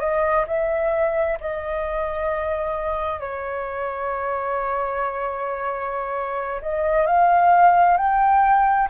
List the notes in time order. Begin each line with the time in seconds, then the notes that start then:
0.00 D#5
0.48 E5
1.40 D#5
3.20 C#5
6.62 D#5
7.07 F5
7.98 G5